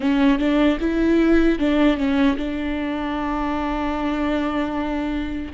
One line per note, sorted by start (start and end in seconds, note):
0.00 0.38 C#4
0.38 0.78 D4
0.79 1.58 E4
1.59 1.97 D4
1.97 2.36 C#4
2.36 5.52 D4